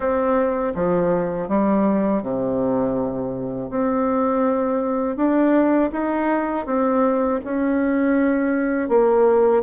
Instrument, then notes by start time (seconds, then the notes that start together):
bassoon
0.00 C4
0.74 F3
1.48 G3
2.22 C3
3.70 C4
5.16 D4
5.92 D#4
6.65 C4
7.44 C#4
8.88 A#3